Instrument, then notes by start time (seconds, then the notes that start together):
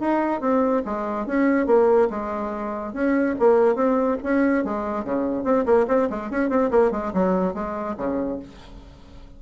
bassoon
0.00 D#4
0.41 C4
0.86 G#3
1.27 C#4
1.67 A#3
2.10 G#3
2.94 C#4
3.39 A#3
3.76 C4
4.24 C#4
4.65 G#3
5.05 C#3
5.45 C4
5.66 A#3
5.88 C4
6.10 G#3
6.31 C#4
6.50 C4
6.71 A#3
6.92 G#3
7.14 F#3
7.54 G#3
7.98 C#3